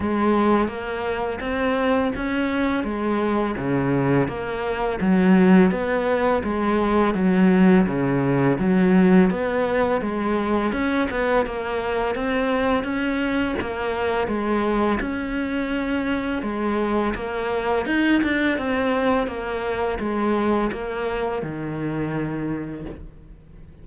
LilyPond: \new Staff \with { instrumentName = "cello" } { \time 4/4 \tempo 4 = 84 gis4 ais4 c'4 cis'4 | gis4 cis4 ais4 fis4 | b4 gis4 fis4 cis4 | fis4 b4 gis4 cis'8 b8 |
ais4 c'4 cis'4 ais4 | gis4 cis'2 gis4 | ais4 dis'8 d'8 c'4 ais4 | gis4 ais4 dis2 | }